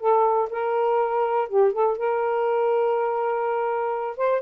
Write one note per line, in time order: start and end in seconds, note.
0.00 0.49 A4
0.51 1.49 A#4
1.49 1.73 G4
1.73 1.97 A4
1.98 4.18 A#4
4.18 4.42 C5